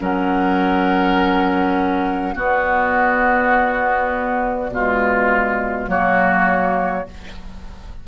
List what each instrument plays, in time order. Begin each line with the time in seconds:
0.00 bassoon F#3, clarinet C#4, oboe A#4, flute F#5
2.35 bassoon B3, clarinet B3, oboe F#4, flute D5
4.70 bassoon B2, clarinet G#3, oboe F4
5.88 bassoon F#3, clarinet A#3, oboe F#4, flute C#5